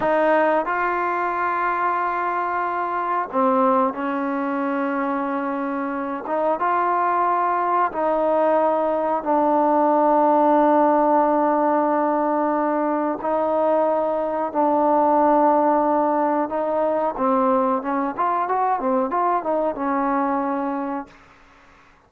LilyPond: \new Staff \with { instrumentName = "trombone" } { \time 4/4 \tempo 4 = 91 dis'4 f'2.~ | f'4 c'4 cis'2~ | cis'4. dis'8 f'2 | dis'2 d'2~ |
d'1 | dis'2 d'2~ | d'4 dis'4 c'4 cis'8 f'8 | fis'8 c'8 f'8 dis'8 cis'2 | }